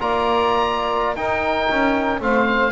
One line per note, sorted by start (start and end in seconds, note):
0.00 1.16 A#3
0.00 1.16 F4
0.00 1.17 D5
0.00 1.16 A#5
1.16 2.20 D#4
1.16 1.69 D#4
1.16 2.21 A#4
1.16 2.21 G5
1.70 2.21 C#4
2.20 2.73 A3
2.20 2.72 C4
2.20 2.73 C5
2.20 2.73 F5